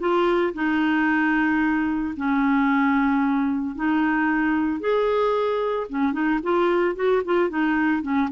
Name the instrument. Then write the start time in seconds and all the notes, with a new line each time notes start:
clarinet
0.00 F4
0.54 D#4
2.17 C#4
3.76 D#4
4.80 G#4
5.90 C#4
6.13 D#4
6.43 F4
6.96 F#4
7.25 F4
7.50 D#4
8.03 C#4